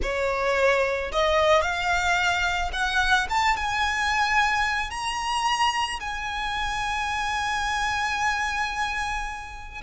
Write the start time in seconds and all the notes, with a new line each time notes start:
0.02 C#5
1.12 D#5
1.61 F5
2.72 F#5
3.29 A5
3.56 G#5
4.90 A#5
6.00 G#5